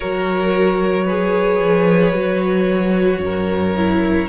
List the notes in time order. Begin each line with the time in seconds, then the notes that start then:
0.00 F#3 F#4 A#4 C#5
1.04 G#4 B4
1.59 F3
2.13 F#3 F#4
3.19 F#2 A#4
3.76 E4